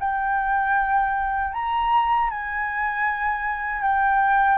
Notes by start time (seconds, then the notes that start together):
0.00 G5
1.53 A#5
2.30 G#5
3.82 G5